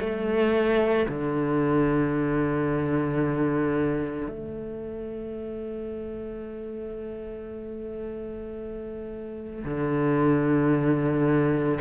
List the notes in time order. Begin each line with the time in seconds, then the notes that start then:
0.00 A3
1.09 D3
4.28 A3
9.65 D3